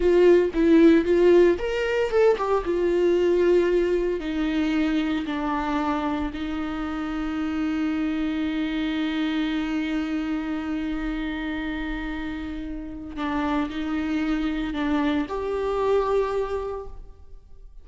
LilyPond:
\new Staff \with { instrumentName = "viola" } { \time 4/4 \tempo 4 = 114 f'4 e'4 f'4 ais'4 | a'8 g'8 f'2. | dis'2 d'2 | dis'1~ |
dis'1~ | dis'1~ | dis'4 d'4 dis'2 | d'4 g'2. | }